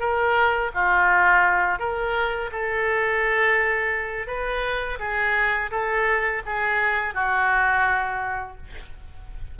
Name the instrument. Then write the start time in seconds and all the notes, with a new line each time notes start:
oboe
0.00 A#4
0.75 F4
1.79 A#4
2.52 A4
4.27 B4
5.00 G#4
5.71 A4
6.46 G#4
7.15 F#4